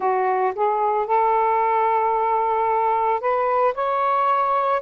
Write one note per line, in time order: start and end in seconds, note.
0.00 0.53 F#4
0.55 1.06 G#4
1.06 3.20 A4
3.20 3.74 B4
3.74 4.81 C#5